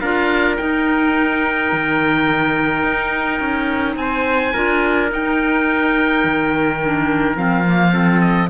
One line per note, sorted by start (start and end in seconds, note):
0.00 0.57 D4
0.00 0.58 F4
0.00 3.97 A#4
0.00 0.57 F5
0.57 4.54 D#4
0.57 1.72 D#4
0.57 3.96 G5
1.72 2.83 D#3
2.83 3.40 D#4
3.40 3.96 C#4
3.96 4.52 C4
3.96 4.53 C5
3.96 5.10 G#5
4.53 5.11 D4
4.53 5.09 F4
4.53 7.93 A#4
5.09 6.79 D#4
5.09 6.24 D#4
5.09 7.37 G5
6.24 7.36 D#3
6.85 7.35 D4
7.35 8.50 F3
7.35 7.64 C4
7.35 8.21 F5
7.65 7.92 A#3
7.92 8.49 C4
7.92 8.50 A4
8.21 8.49 D#5